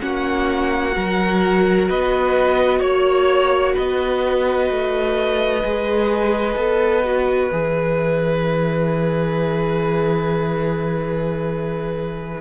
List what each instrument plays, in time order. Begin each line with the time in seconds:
0.00 cello A#3, viola C#4, violin F#4 F#5
0.92 cello F#3, viola F#4, violin A#4
1.89 cello B3, violin B4 D#5
2.79 cello A#3, violin C#5
3.75 cello B3, violin B4 D#5
4.70 cello A3
5.64 cello G#3, viola G#4
6.56 cello B3, viola A4
7.04 viola F#4
7.51 cello E3, viola G#4, violin E5